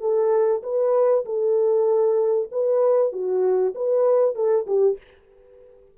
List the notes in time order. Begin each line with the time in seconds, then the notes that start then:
0.00 A4
0.63 B4
1.25 A4
2.52 B4
3.12 F#4
3.75 B4
4.35 A4
4.67 G4